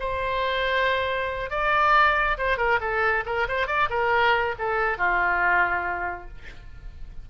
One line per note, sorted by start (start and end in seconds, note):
0.00 1.50 C5
1.50 2.37 D5
2.38 2.58 C5
2.58 2.79 A#4
2.81 3.24 A4
3.26 3.47 A#4
3.48 3.67 C5
3.67 3.89 D5
3.90 4.55 A#4
4.58 4.98 A4
4.98 6.28 F4